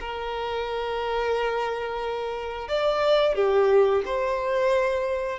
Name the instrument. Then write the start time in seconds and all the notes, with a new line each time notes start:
violin
0.00 A#4
2.68 D5
3.35 G4
4.05 C5